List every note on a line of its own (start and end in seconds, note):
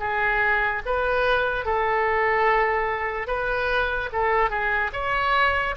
0.00 0.82 G#4
0.86 1.66 B4
1.66 3.28 A4
3.28 4.10 B4
4.13 4.50 A4
4.50 4.91 G#4
4.94 5.76 C#5